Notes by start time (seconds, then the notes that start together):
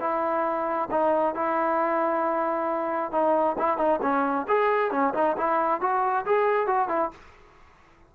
0.00 E4
0.91 D#4
1.35 E4
3.12 D#4
3.58 E4
3.77 D#4
4.02 C#4
4.48 G#4
4.91 C#4
5.14 D#4
5.37 E4
5.81 F#4
6.26 G#4
6.67 F#4
6.88 E4